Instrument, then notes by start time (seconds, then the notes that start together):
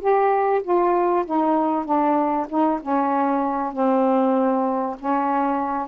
saxophone
0.00 G4
0.63 F4
1.25 D#4
1.85 D4
2.49 D#4
2.82 C#4
3.72 C4
4.99 C#4